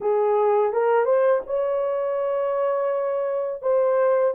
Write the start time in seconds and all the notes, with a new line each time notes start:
0.00 G#4
0.72 A#4
1.05 C5
1.46 C#5
3.61 C5